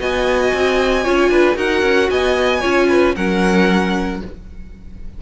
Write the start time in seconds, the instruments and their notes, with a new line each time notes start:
0.00 cello B3, viola F#4, violin D#5 G#5
0.54 cello C4
1.04 cello C#4, viola F4, violin C#5
1.29 cello D4, violin B4
1.56 cello D#4, viola F#4, violin A#4 F#5
1.83 cello C#4
2.10 cello B3, violin D#5 G#5
2.61 cello C#4, viola F4, violin C#5
2.89 violin B4
3.16 cello F#3, viola C#4, violin A#4 F#5